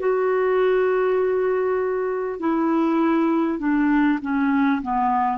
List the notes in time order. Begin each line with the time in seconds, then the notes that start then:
0.00 F#4
2.39 E4
3.59 D4
4.22 C#4
4.82 B3